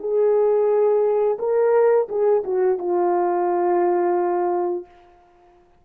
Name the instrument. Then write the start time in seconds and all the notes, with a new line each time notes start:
horn
0.00 G#4
1.39 A#4
2.09 G#4
2.44 F#4
2.79 F4